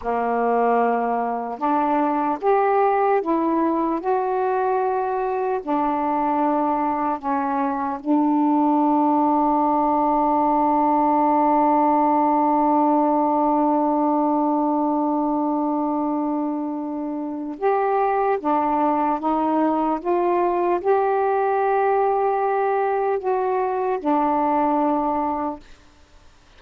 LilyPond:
\new Staff \with { instrumentName = "saxophone" } { \time 4/4 \tempo 4 = 75 ais2 d'4 g'4 | e'4 fis'2 d'4~ | d'4 cis'4 d'2~ | d'1~ |
d'1~ | d'2 g'4 d'4 | dis'4 f'4 g'2~ | g'4 fis'4 d'2 | }